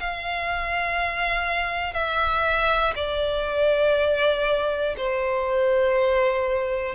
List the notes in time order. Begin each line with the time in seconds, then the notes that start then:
0.00 F5
1.94 E5
2.95 D5
4.98 C5